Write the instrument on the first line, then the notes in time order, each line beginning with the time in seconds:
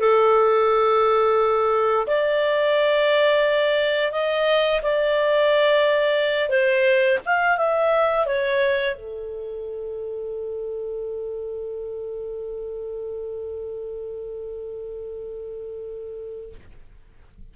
clarinet
0.00 A4
2.08 D5
4.12 D#5
4.83 D5
6.50 C5
7.25 F5
7.58 E5
8.27 C#5
8.96 A4